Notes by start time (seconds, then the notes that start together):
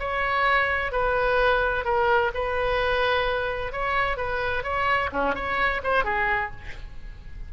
0.00 C#5
0.92 B4
1.85 A#4
2.34 B4
3.73 C#5
4.17 B4
4.64 C#5
5.12 C#4
5.35 C#5
5.84 C5
6.05 G#4